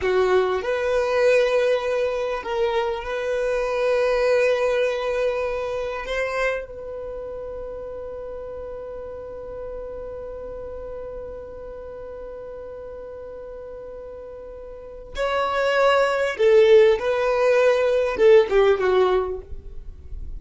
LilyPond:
\new Staff \with { instrumentName = "violin" } { \time 4/4 \tempo 4 = 99 fis'4 b'2. | ais'4 b'2.~ | b'2 c''4 b'4~ | b'1~ |
b'1~ | b'1~ | b'4 cis''2 a'4 | b'2 a'8 g'8 fis'4 | }